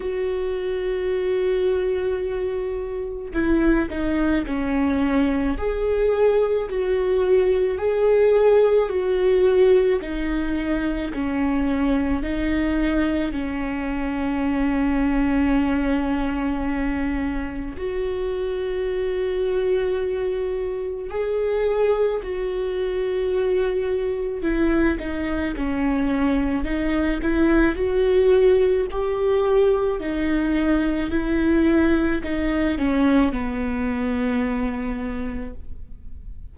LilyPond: \new Staff \with { instrumentName = "viola" } { \time 4/4 \tempo 4 = 54 fis'2. e'8 dis'8 | cis'4 gis'4 fis'4 gis'4 | fis'4 dis'4 cis'4 dis'4 | cis'1 |
fis'2. gis'4 | fis'2 e'8 dis'8 cis'4 | dis'8 e'8 fis'4 g'4 dis'4 | e'4 dis'8 cis'8 b2 | }